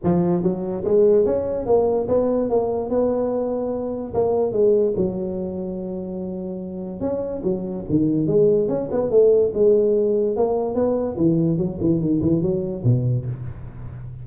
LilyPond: \new Staff \with { instrumentName = "tuba" } { \time 4/4 \tempo 4 = 145 f4 fis4 gis4 cis'4 | ais4 b4 ais4 b4~ | b2 ais4 gis4 | fis1~ |
fis4 cis'4 fis4 dis4 | gis4 cis'8 b8 a4 gis4~ | gis4 ais4 b4 e4 | fis8 e8 dis8 e8 fis4 b,4 | }